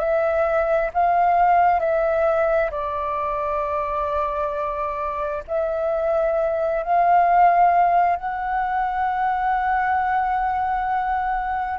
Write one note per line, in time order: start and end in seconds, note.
0.00 0.91 E5
0.94 1.80 F5
1.80 2.71 E5
2.71 5.44 D5
5.48 6.84 E5
6.84 8.17 F5
8.17 11.80 F#5